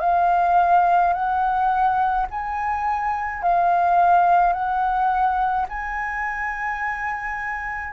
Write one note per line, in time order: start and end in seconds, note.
0.00 1.13 F5
1.13 2.26 F#5
2.31 3.42 G#5
3.42 4.52 F5
4.52 5.66 F#5
5.69 7.93 G#5